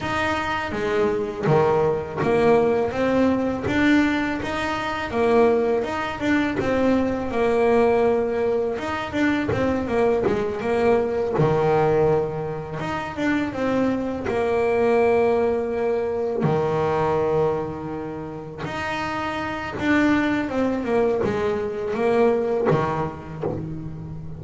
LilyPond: \new Staff \with { instrumentName = "double bass" } { \time 4/4 \tempo 4 = 82 dis'4 gis4 dis4 ais4 | c'4 d'4 dis'4 ais4 | dis'8 d'8 c'4 ais2 | dis'8 d'8 c'8 ais8 gis8 ais4 dis8~ |
dis4. dis'8 d'8 c'4 ais8~ | ais2~ ais8 dis4.~ | dis4. dis'4. d'4 | c'8 ais8 gis4 ais4 dis4 | }